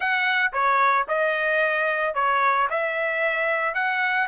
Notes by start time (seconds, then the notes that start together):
0.00 F#5
0.52 C#5
1.07 D#5
2.14 C#5
2.70 E5
3.74 F#5